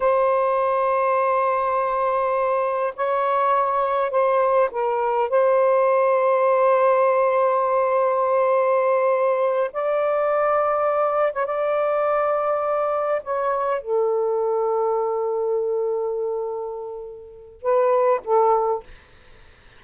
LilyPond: \new Staff \with { instrumentName = "saxophone" } { \time 4/4 \tempo 4 = 102 c''1~ | c''4 cis''2 c''4 | ais'4 c''2.~ | c''1~ |
c''8 d''2~ d''8. cis''16 d''8~ | d''2~ d''8 cis''4 a'8~ | a'1~ | a'2 b'4 a'4 | }